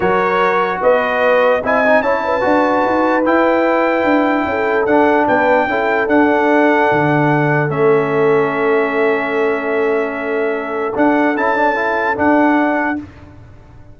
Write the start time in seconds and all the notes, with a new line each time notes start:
0.00 F#3 F#4 A#4 C#5
0.81 B3 B4 D#5
1.63 C4 E4 D#5 G#5
1.85 D#4
2.01 C#4 E4 C#5 A5
2.25 B4
2.41 D4 F#4
2.85 D#4
3.25 E4 G5
4.04 D4
4.45 C#4 A4
4.85 D4 F#5
5.27 B3 B4 G5
5.66 C#4 E4 A4
6.07 D4 F#5
6.91 D3
7.68 A3 C#4 E5
10.95 D4 F#5
11.36 C#4 E4 A5
11.55 D4
11.75 E4
12.15 D4 F#5